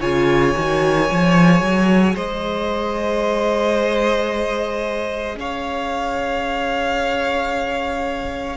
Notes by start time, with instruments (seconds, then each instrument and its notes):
0.00 cello C#3, viola F4, violin C#5 G#5
0.56 cello D#3, viola F#4
1.06 cello F3, viola G#4
1.61 cello F#3
2.15 cello G#3, violin C5 D#5
5.35 cello C#4, violin C#5 F5